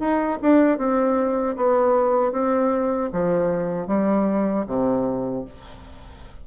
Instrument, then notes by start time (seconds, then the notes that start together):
bassoon
0.00 D#4
0.43 D4
0.78 C4
1.57 B3
2.32 C4
3.13 F3
3.87 G3
4.67 C3